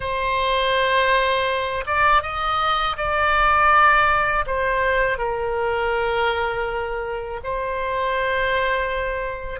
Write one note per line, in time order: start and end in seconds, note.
0.00 1.84 C5
1.86 2.22 D5
2.22 2.96 D#5
2.97 4.45 D5
4.46 5.18 C5
5.18 7.40 A#4
7.43 9.60 C5